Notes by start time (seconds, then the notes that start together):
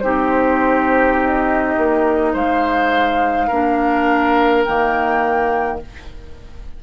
0.00 C4 D#4 G4 C5
1.24 D#5
1.77 A#3
2.33 G#3 C5 F5
3.48 A#3 D4 A#4
4.64 D#3 A#3 G5